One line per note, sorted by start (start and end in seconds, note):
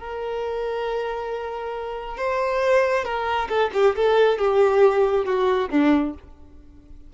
0.00 2.18 A#4
2.18 3.05 C5
3.05 3.49 A#4
3.49 3.71 A4
3.74 3.96 G4
3.96 4.39 A4
4.39 5.26 G4
5.26 5.70 F#4
5.70 6.14 D4